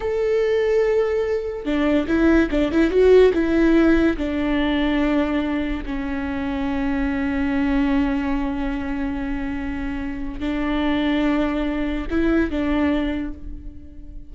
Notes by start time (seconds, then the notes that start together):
0.00 A4
1.65 D4
2.07 E4
2.50 D4
2.71 E4
2.90 F#4
3.33 E4
4.17 D4
5.85 C#4
10.39 D4
12.10 E4
12.50 D4